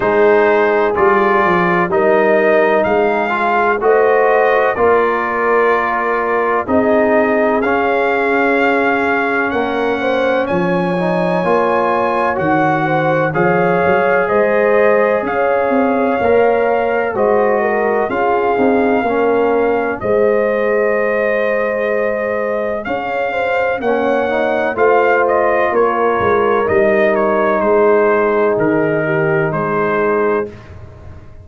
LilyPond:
<<
  \new Staff \with { instrumentName = "trumpet" } { \time 4/4 \tempo 4 = 63 c''4 d''4 dis''4 f''4 | dis''4 d''2 dis''4 | f''2 fis''4 gis''4~ | gis''4 fis''4 f''4 dis''4 |
f''2 dis''4 f''4~ | f''4 dis''2. | f''4 fis''4 f''8 dis''8 cis''4 | dis''8 cis''8 c''4 ais'4 c''4 | }
  \new Staff \with { instrumentName = "horn" } { \time 4/4 gis'2 ais'4 gis'4 | c''4 ais'2 gis'4~ | gis'2 ais'8 c''8 cis''4~ | cis''4. c''8 cis''4 c''4 |
cis''2 c''8 ais'8 gis'4 | ais'4 c''2. | cis''8 c''8 cis''4 c''4 ais'4~ | ais'4 gis'4. g'8 gis'4 | }
  \new Staff \with { instrumentName = "trombone" } { \time 4/4 dis'4 f'4 dis'4. f'8 | fis'4 f'2 dis'4 | cis'2.~ cis'8 dis'8 | f'4 fis'4 gis'2~ |
gis'4 ais'4 fis'4 f'8 dis'8 | cis'4 gis'2.~ | gis'4 cis'8 dis'8 f'2 | dis'1 | }
  \new Staff \with { instrumentName = "tuba" } { \time 4/4 gis4 g8 f8 g4 gis4 | a4 ais2 c'4 | cis'2 ais4 f4 | ais4 dis4 f8 fis8 gis4 |
cis'8 c'8 ais4 gis4 cis'8 c'8 | ais4 gis2. | cis'4 ais4 a4 ais8 gis8 | g4 gis4 dis4 gis4 | }
>>